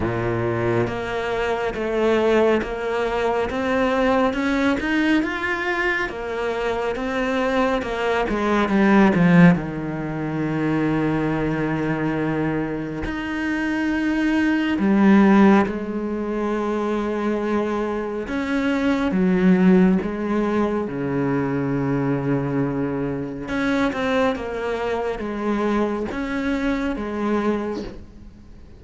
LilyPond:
\new Staff \with { instrumentName = "cello" } { \time 4/4 \tempo 4 = 69 ais,4 ais4 a4 ais4 | c'4 cis'8 dis'8 f'4 ais4 | c'4 ais8 gis8 g8 f8 dis4~ | dis2. dis'4~ |
dis'4 g4 gis2~ | gis4 cis'4 fis4 gis4 | cis2. cis'8 c'8 | ais4 gis4 cis'4 gis4 | }